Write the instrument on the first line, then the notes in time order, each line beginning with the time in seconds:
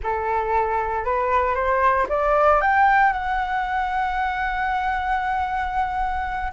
flute
0.03 A4
1.05 B4
1.54 C5
2.09 D5
2.61 G5
3.12 F#5